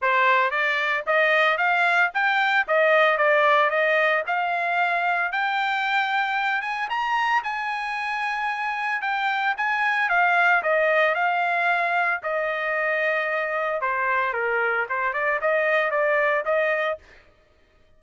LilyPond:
\new Staff \with { instrumentName = "trumpet" } { \time 4/4 \tempo 4 = 113 c''4 d''4 dis''4 f''4 | g''4 dis''4 d''4 dis''4 | f''2 g''2~ | g''8 gis''8 ais''4 gis''2~ |
gis''4 g''4 gis''4 f''4 | dis''4 f''2 dis''4~ | dis''2 c''4 ais'4 | c''8 d''8 dis''4 d''4 dis''4 | }